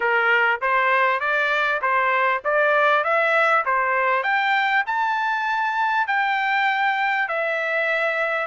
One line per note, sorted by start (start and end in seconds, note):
0.00 0.60 A#4
0.61 1.20 C5
1.20 1.80 D5
1.81 2.42 C5
2.44 3.03 D5
3.03 3.64 E5
3.65 4.23 C5
4.23 4.83 G5
4.86 6.07 A5
6.07 7.28 G5
7.28 8.46 E5